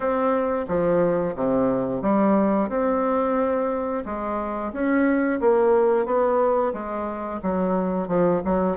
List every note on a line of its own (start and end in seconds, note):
0.00 0.66 C4
0.67 1.35 F3
1.35 2.02 C3
2.02 2.69 G3
2.69 4.04 C4
4.04 4.72 G#3
4.72 5.40 C#4
5.40 6.05 A#3
6.05 6.72 B3
6.73 7.40 G#3
7.42 8.07 F#3
8.07 8.41 F3
8.45 8.77 F#3